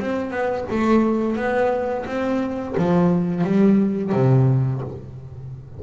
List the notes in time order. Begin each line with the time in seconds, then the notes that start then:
0.00 C4
0.31 B3
0.71 A3
1.37 B3
2.07 C4
2.78 F3
3.45 G3
4.13 C3